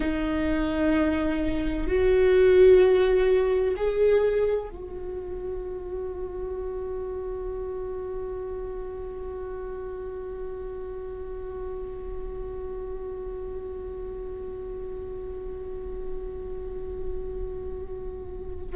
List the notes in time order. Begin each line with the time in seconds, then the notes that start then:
0.00 D#4
1.87 F#4
3.76 G#4
4.69 F#4